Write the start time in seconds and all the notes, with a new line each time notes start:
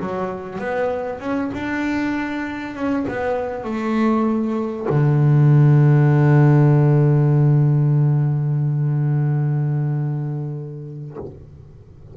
0.00 F#3
0.59 B3
1.21 C#4
1.54 D4
2.76 C#4
3.08 B3
3.64 A3
4.90 D3